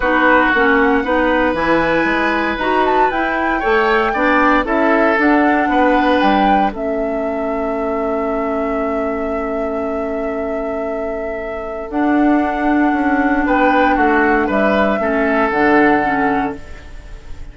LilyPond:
<<
  \new Staff \with { instrumentName = "flute" } { \time 4/4 \tempo 4 = 116 b'4 fis''2 gis''4~ | gis''4 ais''8 a''8 g''2~ | g''4 e''4 fis''2 | g''4 e''2.~ |
e''1~ | e''2. fis''4~ | fis''2 g''4 fis''4 | e''2 fis''2 | }
  \new Staff \with { instrumentName = "oboe" } { \time 4/4 fis'2 b'2~ | b'2. cis''4 | d''4 a'2 b'4~ | b'4 a'2.~ |
a'1~ | a'1~ | a'2 b'4 fis'4 | b'4 a'2. | }
  \new Staff \with { instrumentName = "clarinet" } { \time 4/4 dis'4 cis'4 dis'4 e'4~ | e'4 fis'4 e'4 a'4 | d'4 e'4 d'2~ | d'4 cis'2.~ |
cis'1~ | cis'2. d'4~ | d'1~ | d'4 cis'4 d'4 cis'4 | }
  \new Staff \with { instrumentName = "bassoon" } { \time 4/4 b4 ais4 b4 e4 | gis4 dis'4 e'4 a4 | b4 cis'4 d'4 b4 | g4 a2.~ |
a1~ | a2. d'4~ | d'4 cis'4 b4 a4 | g4 a4 d2 | }
>>